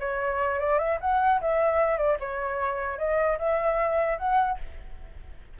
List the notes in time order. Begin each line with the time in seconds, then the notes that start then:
0.00 C#5
0.60 D5
0.79 E5
1.01 F#5
1.41 E5
1.97 D5
2.20 C#5
2.98 D#5
3.39 E5
4.18 F#5